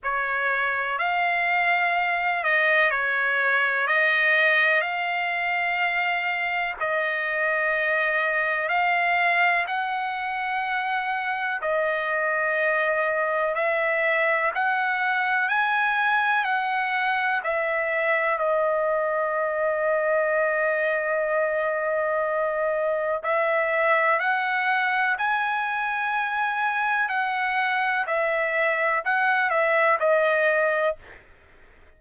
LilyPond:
\new Staff \with { instrumentName = "trumpet" } { \time 4/4 \tempo 4 = 62 cis''4 f''4. dis''8 cis''4 | dis''4 f''2 dis''4~ | dis''4 f''4 fis''2 | dis''2 e''4 fis''4 |
gis''4 fis''4 e''4 dis''4~ | dis''1 | e''4 fis''4 gis''2 | fis''4 e''4 fis''8 e''8 dis''4 | }